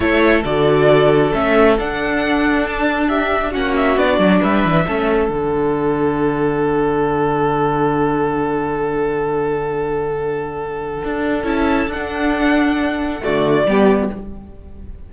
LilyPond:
<<
  \new Staff \with { instrumentName = "violin" } { \time 4/4 \tempo 4 = 136 cis''4 d''2 e''4 | fis''2 a''4 e''4 | fis''8 e''8 d''4 e''2 | fis''1~ |
fis''1~ | fis''1~ | fis''2 a''4 fis''4~ | fis''2 d''2 | }
  \new Staff \with { instrumentName = "violin" } { \time 4/4 a'1~ | a'2. g'4 | fis'2 b'4 a'4~ | a'1~ |
a'1~ | a'1~ | a'1~ | a'2 fis'4 g'4 | }
  \new Staff \with { instrumentName = "viola" } { \time 4/4 e'4 fis'2 cis'4 | d'1 | cis'4 d'2 cis'4 | d'1~ |
d'1~ | d'1~ | d'2 e'4 d'4~ | d'2 a4 b4 | }
  \new Staff \with { instrumentName = "cello" } { \time 4/4 a4 d2 a4 | d'1 | ais4 b8 fis8 g8 e8 a4 | d1~ |
d1~ | d1~ | d4 d'4 cis'4 d'4~ | d'2 d4 g4 | }
>>